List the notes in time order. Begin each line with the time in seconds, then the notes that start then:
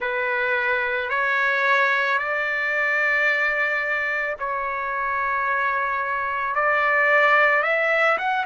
0.00 B4
1.09 C#5
2.18 D5
4.39 C#5
6.55 D5
7.63 E5
8.18 F#5